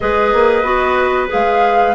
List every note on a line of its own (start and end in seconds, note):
0.00 0.33 G#3
0.00 0.63 G#4
0.00 1.95 B4
0.00 1.27 D#5
0.33 0.62 A#3
0.62 1.27 B3
0.62 1.27 F#4
1.27 1.95 G#3
1.27 1.93 G#4
1.27 1.95 F5